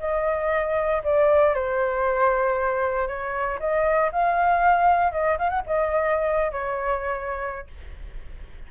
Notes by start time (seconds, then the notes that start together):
0.00 D#5
1.04 D5
1.55 C5
3.08 C#5
3.60 D#5
4.12 F5
5.12 D#5
5.38 F5
5.49 F#5
5.67 D#5
6.52 C#5